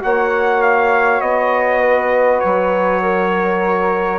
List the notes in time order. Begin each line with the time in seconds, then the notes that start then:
0.00 A#3 F#4 C#5 F#5
0.62 F5
1.21 B3 D#5
1.81 B4
2.40 F#3 C#5
3.02 A#4